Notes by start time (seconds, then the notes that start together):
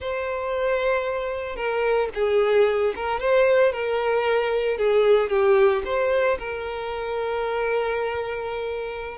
0.00 C5
1.55 A#4
2.14 G#4
2.95 A#4
3.20 C5
3.72 A#4
4.77 G#4
5.29 G4
5.85 C5
6.38 A#4